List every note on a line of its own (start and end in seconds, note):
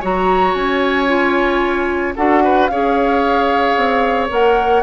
0.00 0.54 F#3
0.00 1.07 F#4
0.00 2.14 C#5
0.00 0.54 A#5
0.54 2.15 C#4
0.54 2.15 G#5
1.07 2.14 F4
2.15 2.69 D4
2.15 2.70 F#4
2.15 2.43 A4
2.15 2.67 F#5
2.44 2.71 B4
2.67 3.76 C#4
2.67 4.29 G#4
2.67 4.83 C#5
2.67 4.28 F5
3.76 4.30 C4
4.29 4.83 A#3
4.29 4.82 A#4
4.29 4.83 F#5